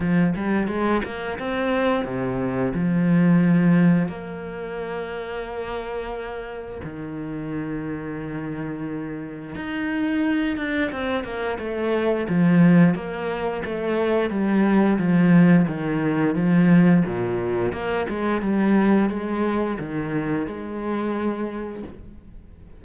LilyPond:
\new Staff \with { instrumentName = "cello" } { \time 4/4 \tempo 4 = 88 f8 g8 gis8 ais8 c'4 c4 | f2 ais2~ | ais2 dis2~ | dis2 dis'4. d'8 |
c'8 ais8 a4 f4 ais4 | a4 g4 f4 dis4 | f4 ais,4 ais8 gis8 g4 | gis4 dis4 gis2 | }